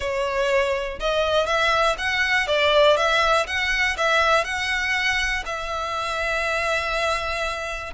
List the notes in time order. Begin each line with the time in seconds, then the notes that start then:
0.00 C#5
0.99 D#5
1.46 E5
1.98 F#5
2.47 D5
2.96 E5
3.47 F#5
3.97 E5
4.44 F#5
5.45 E5